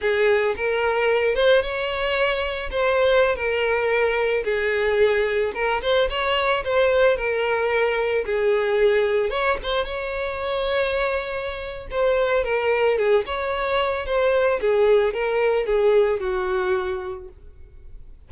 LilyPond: \new Staff \with { instrumentName = "violin" } { \time 4/4 \tempo 4 = 111 gis'4 ais'4. c''8 cis''4~ | cis''4 c''4~ c''16 ais'4.~ ais'16~ | ais'16 gis'2 ais'8 c''8 cis''8.~ | cis''16 c''4 ais'2 gis'8.~ |
gis'4~ gis'16 cis''8 c''8 cis''4.~ cis''16~ | cis''2 c''4 ais'4 | gis'8 cis''4. c''4 gis'4 | ais'4 gis'4 fis'2 | }